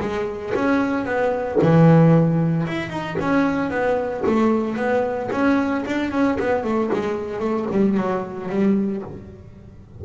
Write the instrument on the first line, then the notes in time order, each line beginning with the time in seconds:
double bass
0.00 G#3
0.55 C#4
1.05 B3
1.62 E3
2.67 E4
2.90 D#4
3.21 C#4
3.70 B3
4.26 A3
4.76 B3
5.31 C#4
5.86 D4
6.11 C#4
6.40 B3
6.63 A3
6.93 G#3
7.40 A3
7.71 G3
7.97 F#3
8.49 G3